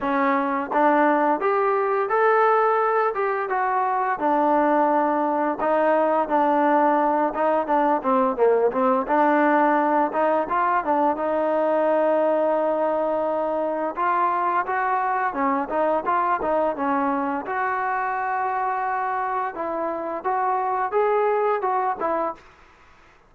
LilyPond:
\new Staff \with { instrumentName = "trombone" } { \time 4/4 \tempo 4 = 86 cis'4 d'4 g'4 a'4~ | a'8 g'8 fis'4 d'2 | dis'4 d'4. dis'8 d'8 c'8 | ais8 c'8 d'4. dis'8 f'8 d'8 |
dis'1 | f'4 fis'4 cis'8 dis'8 f'8 dis'8 | cis'4 fis'2. | e'4 fis'4 gis'4 fis'8 e'8 | }